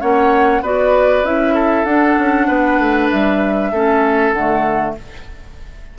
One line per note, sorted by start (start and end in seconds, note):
0.00 0.61 A#3
0.00 0.62 C#4
0.00 0.62 C#5
0.00 0.62 F#5
0.61 1.23 B3
0.61 1.24 F#4
0.61 1.53 B4
0.61 1.24 D5
1.23 1.84 C#4
1.23 1.86 E4
1.23 1.84 E5
1.53 2.46 A4
1.84 2.15 D4
1.84 3.72 D4
1.84 3.08 F#5
2.18 2.48 C#4
2.47 2.78 B3
2.47 3.71 B4
2.78 3.09 A3
3.10 3.72 G3
3.10 4.32 E5
3.72 4.32 A3
3.72 4.35 C#4
3.72 4.95 A4
4.32 4.94 D3
4.32 4.98 A3
4.32 4.94 F#5